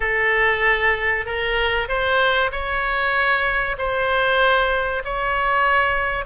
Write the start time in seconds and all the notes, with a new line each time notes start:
0.00 A4
1.25 A#4
1.88 C5
2.51 C#5
3.78 C5
5.04 C#5